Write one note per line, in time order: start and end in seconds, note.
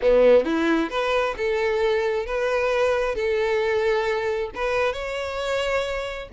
0.01 0.44 B3
0.44 0.90 E4
0.90 1.35 B4
1.37 2.26 A4
2.26 3.15 B4
3.15 4.50 A4
4.54 4.93 B4
4.93 6.28 C#5